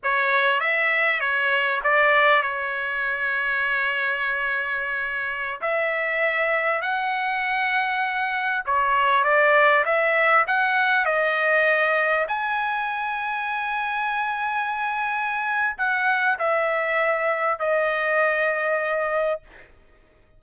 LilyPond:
\new Staff \with { instrumentName = "trumpet" } { \time 4/4 \tempo 4 = 99 cis''4 e''4 cis''4 d''4 | cis''1~ | cis''4~ cis''16 e''2 fis''8.~ | fis''2~ fis''16 cis''4 d''8.~ |
d''16 e''4 fis''4 dis''4.~ dis''16~ | dis''16 gis''2.~ gis''8.~ | gis''2 fis''4 e''4~ | e''4 dis''2. | }